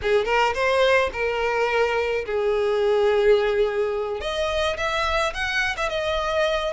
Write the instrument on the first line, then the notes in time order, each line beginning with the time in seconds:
violin
0.02 G#4
0.25 A#4
0.54 C5
1.12 A#4
2.25 G#4
4.21 D#5
4.77 E5
5.33 F#5
5.76 E5
5.89 D#5